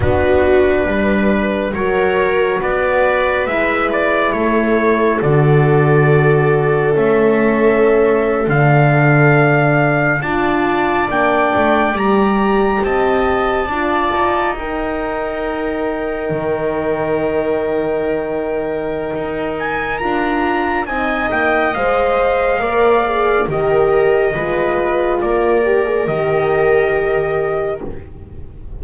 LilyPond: <<
  \new Staff \with { instrumentName = "trumpet" } { \time 4/4 \tempo 4 = 69 b'2 cis''4 d''4 | e''8 d''8 cis''4 d''2 | e''4.~ e''16 f''2 a''16~ | a''8. g''4 ais''4 a''4~ a''16~ |
a''8. g''2.~ g''16~ | g''2~ g''8 gis''8 ais''4 | gis''8 g''8 f''2 dis''4~ | dis''4 d''4 dis''2 | }
  \new Staff \with { instrumentName = "viola" } { \time 4/4 fis'4 b'4 ais'4 b'4~ | b'4 a'2.~ | a'2.~ a'8. d''16~ | d''2~ d''8. dis''4 d''16~ |
d''8. ais'2.~ ais'16~ | ais'1 | dis''2 d''4 ais'4 | b'4 ais'2. | }
  \new Staff \with { instrumentName = "horn" } { \time 4/4 d'2 fis'2 | e'2 fis'2 | cis'4.~ cis'16 d'2 f'16~ | f'8. d'4 g'2 f'16~ |
f'8. dis'2.~ dis'16~ | dis'2. f'4 | dis'4 c''4 ais'8 gis'8 g'4 | f'4. g'16 gis'16 g'2 | }
  \new Staff \with { instrumentName = "double bass" } { \time 4/4 b4 g4 fis4 b4 | gis4 a4 d2 | a4.~ a16 d2 d'16~ | d'8. ais8 a8 g4 c'4 d'16~ |
d'16 dis'2~ dis'8 dis4~ dis16~ | dis2 dis'4 d'4 | c'8 ais8 gis4 ais4 dis4 | gis4 ais4 dis2 | }
>>